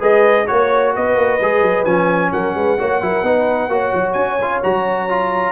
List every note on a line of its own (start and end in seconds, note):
0.00 0.49 G#3
0.00 0.46 G#4
0.00 0.46 B4
0.00 0.47 D#5
0.47 0.97 A#3
0.47 1.40 F#4
0.47 0.93 C#5
0.47 0.95 C#5
0.95 1.16 B3
0.95 2.33 B4
0.95 1.85 D#5
1.16 1.39 A#3
1.42 1.62 G#3
1.42 1.86 G#4
1.62 1.85 F#3
1.85 2.32 F3
1.85 2.78 C#4
1.85 2.32 G#5
2.33 2.55 F#3
2.33 2.56 A#4
2.33 4.13 F#5
2.55 2.78 G#3
2.55 2.79 B4
2.79 3.02 A#3
2.79 3.02 F#4
2.79 3.02 C#5
3.02 3.23 F#3
3.02 3.25 E4
3.02 3.26 A#4
3.23 3.69 B3
3.23 3.70 D#4
3.23 3.72 B4
3.69 3.92 A#3
3.69 4.40 F#4
3.69 5.52 C#5
3.95 4.15 F#3
4.13 4.61 C#4
4.13 4.60 G#5
4.42 4.64 F4
4.64 5.52 F#3
4.64 5.09 F#4
4.64 5.52 A#5
5.09 5.52 F4